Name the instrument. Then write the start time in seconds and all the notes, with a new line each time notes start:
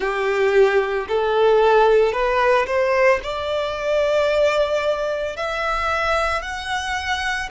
violin
0.00 G4
1.08 A4
2.12 B4
2.66 C5
3.23 D5
5.36 E5
6.42 F#5